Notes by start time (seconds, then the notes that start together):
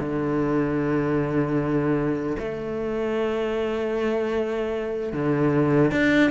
0.00 D3
2.39 A3
5.13 D3
5.92 D4